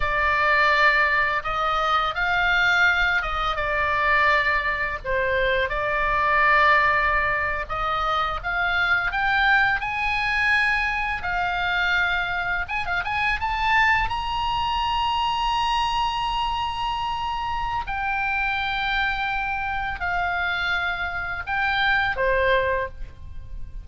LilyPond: \new Staff \with { instrumentName = "oboe" } { \time 4/4 \tempo 4 = 84 d''2 dis''4 f''4~ | f''8 dis''8 d''2 c''4 | d''2~ d''8. dis''4 f''16~ | f''8. g''4 gis''2 f''16~ |
f''4.~ f''16 gis''16 f''16 gis''8 a''4 ais''16~ | ais''1~ | ais''4 g''2. | f''2 g''4 c''4 | }